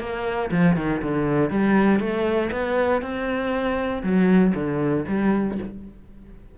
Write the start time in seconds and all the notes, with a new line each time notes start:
0.00 A#3
0.51 F3
0.77 D#3
1.02 D3
1.50 G3
2.00 A3
2.52 B3
3.02 C4
4.03 F#3
4.55 D3
5.08 G3